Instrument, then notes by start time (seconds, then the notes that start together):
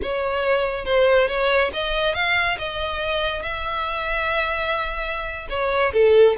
violin
0.02 C#5
0.85 C5
1.28 C#5
1.73 D#5
2.14 F5
2.58 D#5
3.42 E5
5.49 C#5
5.93 A4